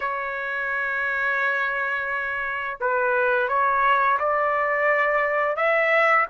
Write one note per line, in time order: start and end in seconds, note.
0.00 2.78 C#5
2.80 3.48 B4
3.48 4.18 C#5
4.19 5.56 D5
5.56 6.26 E5